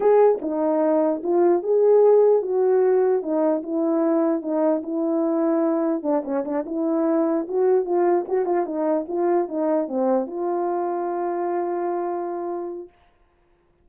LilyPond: \new Staff \with { instrumentName = "horn" } { \time 4/4 \tempo 4 = 149 gis'4 dis'2 f'4 | gis'2 fis'2 | dis'4 e'2 dis'4 | e'2. d'8 cis'8 |
d'8 e'2 fis'4 f'8~ | f'8 fis'8 f'8 dis'4 f'4 dis'8~ | dis'8 c'4 f'2~ f'8~ | f'1 | }